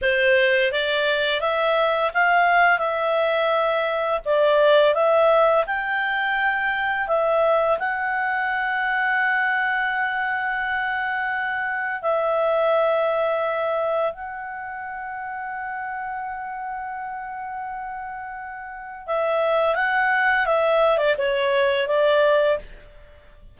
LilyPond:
\new Staff \with { instrumentName = "clarinet" } { \time 4/4 \tempo 4 = 85 c''4 d''4 e''4 f''4 | e''2 d''4 e''4 | g''2 e''4 fis''4~ | fis''1~ |
fis''4 e''2. | fis''1~ | fis''2. e''4 | fis''4 e''8. d''16 cis''4 d''4 | }